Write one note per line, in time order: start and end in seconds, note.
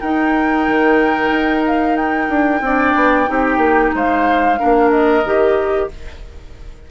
0.00 2.63 D#4
0.00 0.67 D#4
0.00 2.61 A#4
0.00 1.63 G5
0.67 1.30 D#3
1.30 2.28 D#4
1.66 1.96 F5
1.96 3.92 G5
2.28 2.61 D4
2.61 2.93 C4
2.61 3.26 D4
2.61 3.30 D5
2.95 3.27 B3
3.26 3.57 C4
3.26 4.56 D#4
3.26 3.95 G4
3.57 3.90 A#3
3.94 4.59 G#3
3.94 4.59 C5
3.94 4.90 F5
4.57 5.24 A#3
4.57 5.23 D4
4.57 5.89 A#4
4.90 5.88 D#5
5.24 5.89 D#3
5.24 5.90 G4